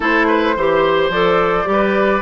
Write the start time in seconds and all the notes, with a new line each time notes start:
0.00 A3 E4 A4 C5
0.27 B4
0.56 E3 G4 C5
1.09 F3 A4 D5
1.64 G3 G4
1.71 B4